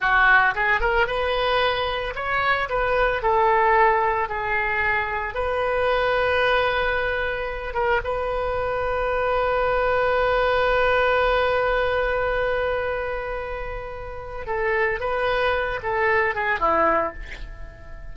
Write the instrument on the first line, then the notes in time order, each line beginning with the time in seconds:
oboe
0.00 F#4
0.54 G#4
0.80 A#4
1.06 B4
2.15 C#5
2.69 B4
3.22 A4
4.28 G#4
5.34 B4
7.74 A#4
8.04 B4
14.46 A4
15.00 B4
15.83 A4
16.34 G#4
16.59 E4